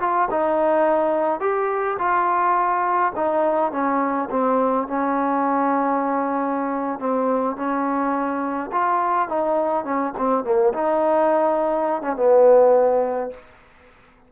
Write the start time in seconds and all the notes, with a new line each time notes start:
0.00 F4
0.31 D#4
1.40 G4
1.98 F4
3.16 D#4
3.72 C#4
4.30 C4
4.88 C#4
6.99 C4
7.56 C#4
8.72 F4
9.28 D#4
9.84 C#4
10.18 C4
10.44 A#3
10.73 D#4
12.02 C#4
12.16 B3